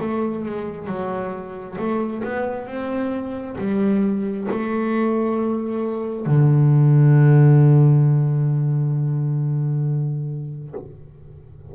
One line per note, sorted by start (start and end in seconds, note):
0.00 0.45 A3
0.45 0.87 G#3
0.87 1.76 F#3
1.78 2.23 A3
2.23 2.67 B3
2.67 3.56 C4
3.58 4.47 G3
4.50 6.26 A3
6.26 10.73 D3